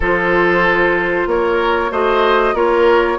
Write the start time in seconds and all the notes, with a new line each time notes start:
0.00 F3 F4 A4 C5
1.26 A#3 A#4 C#5
1.91 A3 F#4 C5 D#5
2.53 A#3 F4 A#4 C#5